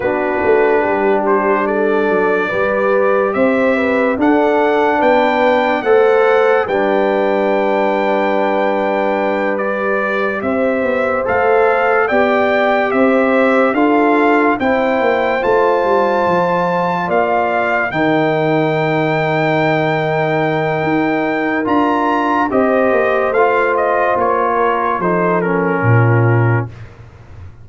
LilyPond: <<
  \new Staff \with { instrumentName = "trumpet" } { \time 4/4 \tempo 4 = 72 b'4. c''8 d''2 | e''4 fis''4 g''4 fis''4 | g''2.~ g''8 d''8~ | d''8 e''4 f''4 g''4 e''8~ |
e''8 f''4 g''4 a''4.~ | a''8 f''4 g''2~ g''8~ | g''2 ais''4 dis''4 | f''8 dis''8 cis''4 c''8 ais'4. | }
  \new Staff \with { instrumentName = "horn" } { \time 4/4 fis'4 g'4 a'4 b'4 | c''8 b'8 a'4 b'4 c''4 | b'1~ | b'8 c''2 d''4 c''8~ |
c''8 a'4 c''2~ c''8~ | c''8 d''4 ais'2~ ais'8~ | ais'2. c''4~ | c''4. ais'8 a'4 f'4 | }
  \new Staff \with { instrumentName = "trombone" } { \time 4/4 d'2. g'4~ | g'4 d'2 a'4 | d'2.~ d'8 g'8~ | g'4. a'4 g'4.~ |
g'8 f'4 e'4 f'4.~ | f'4. dis'2~ dis'8~ | dis'2 f'4 g'4 | f'2 dis'8 cis'4. | }
  \new Staff \with { instrumentName = "tuba" } { \time 4/4 b8 a8 g4. fis8 g4 | c'4 d'4 b4 a4 | g1~ | g8 c'8 b8 a4 b4 c'8~ |
c'8 d'4 c'8 ais8 a8 g8 f8~ | f8 ais4 dis2~ dis8~ | dis4 dis'4 d'4 c'8 ais8 | a4 ais4 f4 ais,4 | }
>>